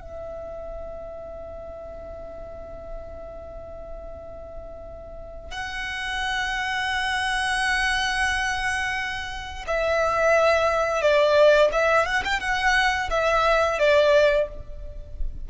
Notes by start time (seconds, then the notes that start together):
0.00 E5
5.51 F#5
9.67 E5
11.02 D5
11.72 E5
12.05 F#5
12.24 G5
12.40 F#5
13.10 E5
13.79 D5